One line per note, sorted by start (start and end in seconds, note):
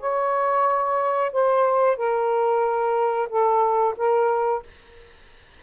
0.00 1.32 C#5
1.32 1.97 C5
1.97 3.29 A#4
3.29 3.95 A4
3.97 4.63 A#4